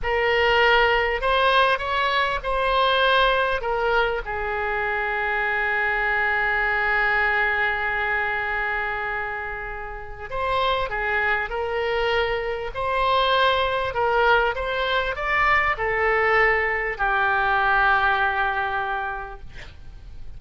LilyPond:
\new Staff \with { instrumentName = "oboe" } { \time 4/4 \tempo 4 = 99 ais'2 c''4 cis''4 | c''2 ais'4 gis'4~ | gis'1~ | gis'1~ |
gis'4 c''4 gis'4 ais'4~ | ais'4 c''2 ais'4 | c''4 d''4 a'2 | g'1 | }